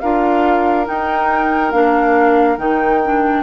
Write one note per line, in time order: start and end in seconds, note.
0.00 0.88 D4
0.00 0.86 F4
0.00 3.43 A#4
0.00 0.86 F5
0.86 1.71 D#4
0.86 1.73 D#4
0.86 1.71 G5
1.71 2.57 A#3
1.71 2.58 D4
1.71 2.57 F5
2.57 3.43 D#3
2.57 3.01 D#4
2.57 3.43 G5
3.05 3.43 D4